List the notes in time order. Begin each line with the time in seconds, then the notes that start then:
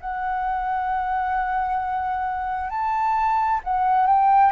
0.00 F#5
2.69 A5
3.64 F#5
4.07 G5